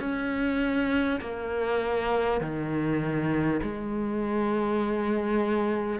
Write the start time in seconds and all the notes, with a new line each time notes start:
0.00 C#4
1.21 A#3
2.41 D#3
3.63 G#3